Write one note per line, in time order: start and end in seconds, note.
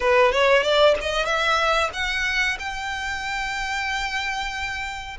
0.00 0.32 B4
0.32 0.62 C#5
0.62 0.95 D5
1.01 1.25 D#5
1.25 1.90 E5
1.93 2.57 F#5
2.59 5.17 G5